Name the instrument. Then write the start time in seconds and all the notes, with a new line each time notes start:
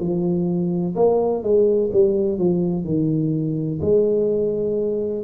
tuba
0.00 F3
0.95 A#3
1.43 G#3
1.93 G3
2.38 F3
2.84 D#3
3.81 G#3